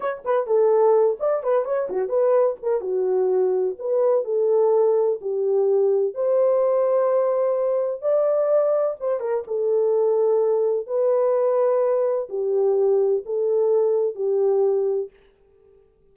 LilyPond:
\new Staff \with { instrumentName = "horn" } { \time 4/4 \tempo 4 = 127 cis''8 b'8 a'4. d''8 b'8 cis''8 | fis'8 b'4 ais'8 fis'2 | b'4 a'2 g'4~ | g'4 c''2.~ |
c''4 d''2 c''8 ais'8 | a'2. b'4~ | b'2 g'2 | a'2 g'2 | }